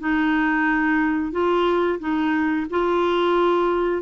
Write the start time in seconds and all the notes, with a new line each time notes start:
0.00 D#4
1.32 F4
1.99 D#4
2.70 F4